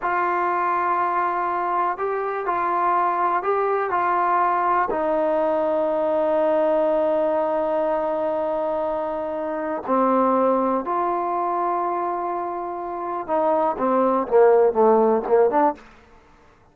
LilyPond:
\new Staff \with { instrumentName = "trombone" } { \time 4/4 \tempo 4 = 122 f'1 | g'4 f'2 g'4 | f'2 dis'2~ | dis'1~ |
dis'1 | c'2 f'2~ | f'2. dis'4 | c'4 ais4 a4 ais8 d'8 | }